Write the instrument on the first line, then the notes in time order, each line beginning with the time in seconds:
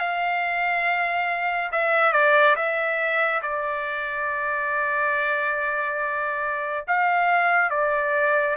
trumpet
0.00 F5
1.72 E5
2.13 D5
2.56 E5
3.43 D5
6.88 F5
7.71 D5